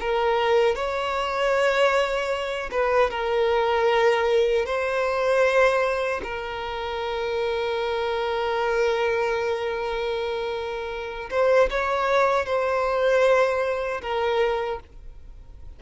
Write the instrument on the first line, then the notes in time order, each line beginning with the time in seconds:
violin
0.00 A#4
0.75 C#5
2.71 B4
3.10 A#4
4.65 C5
6.23 A#4
11.30 C5
11.70 C#5
12.45 C5
14.02 A#4